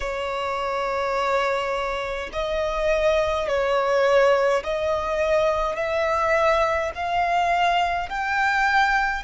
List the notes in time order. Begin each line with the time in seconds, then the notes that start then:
0.00 C#5
2.32 D#5
3.48 C#5
4.63 D#5
5.75 E5
6.94 F5
8.09 G5